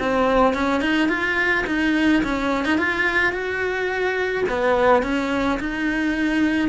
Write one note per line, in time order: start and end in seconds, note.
0.00 0.54 C4
0.54 0.82 C#4
0.82 1.09 D#4
1.09 1.65 F4
1.67 2.23 D#4
2.24 2.65 C#4
2.65 2.78 D#4
2.78 3.33 F4
3.33 4.45 F#4
4.49 5.03 B3
5.03 5.59 C#4
5.60 6.69 D#4